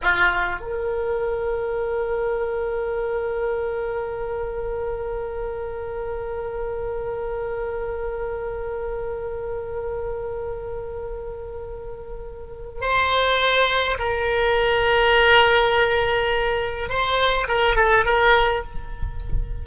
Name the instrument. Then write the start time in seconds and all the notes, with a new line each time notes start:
oboe
0.02 F4
0.60 A#4
12.81 C5
13.98 A#4
16.89 C5
17.48 A#4
17.76 A4
18.05 A#4